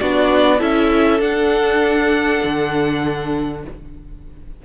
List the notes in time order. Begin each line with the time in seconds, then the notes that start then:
0.00 B3 D4 F#4 D5
0.59 C#4 E4 A4 E5
1.20 D4 F#5
2.44 D3